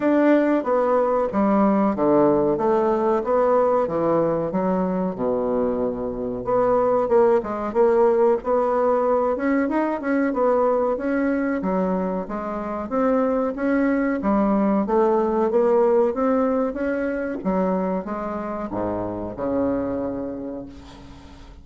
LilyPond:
\new Staff \with { instrumentName = "bassoon" } { \time 4/4 \tempo 4 = 93 d'4 b4 g4 d4 | a4 b4 e4 fis4 | b,2 b4 ais8 gis8 | ais4 b4. cis'8 dis'8 cis'8 |
b4 cis'4 fis4 gis4 | c'4 cis'4 g4 a4 | ais4 c'4 cis'4 fis4 | gis4 gis,4 cis2 | }